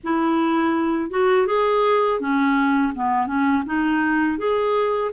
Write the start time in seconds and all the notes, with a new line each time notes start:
0.03 E4
1.10 F#4
1.46 G#4
2.20 C#4
2.95 B3
3.26 C#4
3.66 D#4
4.37 G#4